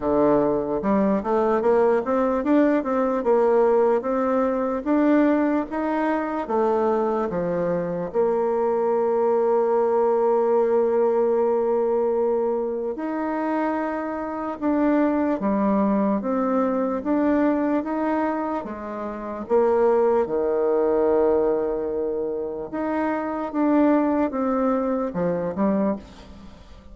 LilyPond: \new Staff \with { instrumentName = "bassoon" } { \time 4/4 \tempo 4 = 74 d4 g8 a8 ais8 c'8 d'8 c'8 | ais4 c'4 d'4 dis'4 | a4 f4 ais2~ | ais1 |
dis'2 d'4 g4 | c'4 d'4 dis'4 gis4 | ais4 dis2. | dis'4 d'4 c'4 f8 g8 | }